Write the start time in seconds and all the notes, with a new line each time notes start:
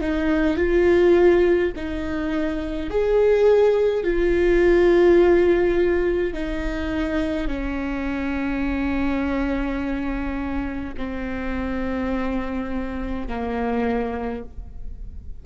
0.00 D#4
0.56 F4
1.76 D#4
2.90 G#4
4.03 F4
6.33 D#4
7.47 C#4
10.97 C4
13.27 A#3